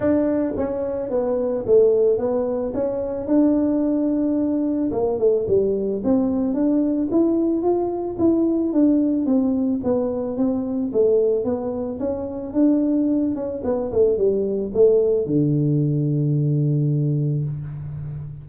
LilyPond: \new Staff \with { instrumentName = "tuba" } { \time 4/4 \tempo 4 = 110 d'4 cis'4 b4 a4 | b4 cis'4 d'2~ | d'4 ais8 a8 g4 c'4 | d'4 e'4 f'4 e'4 |
d'4 c'4 b4 c'4 | a4 b4 cis'4 d'4~ | d'8 cis'8 b8 a8 g4 a4 | d1 | }